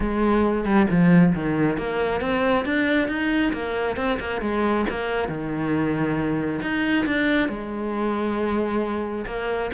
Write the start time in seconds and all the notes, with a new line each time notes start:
0.00 G#3
0.64 G3
0.90 F3
1.34 D#3
1.77 A#3
2.21 C4
2.65 D4
3.08 D#4
3.52 A#3
3.96 C4
4.19 A#3
4.41 G#3
4.89 A#3
5.28 D#3
6.61 D#4
7.05 D4
7.48 G#3
9.26 A#3